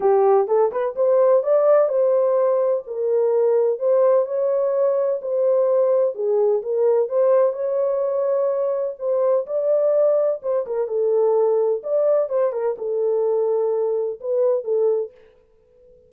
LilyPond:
\new Staff \with { instrumentName = "horn" } { \time 4/4 \tempo 4 = 127 g'4 a'8 b'8 c''4 d''4 | c''2 ais'2 | c''4 cis''2 c''4~ | c''4 gis'4 ais'4 c''4 |
cis''2. c''4 | d''2 c''8 ais'8 a'4~ | a'4 d''4 c''8 ais'8 a'4~ | a'2 b'4 a'4 | }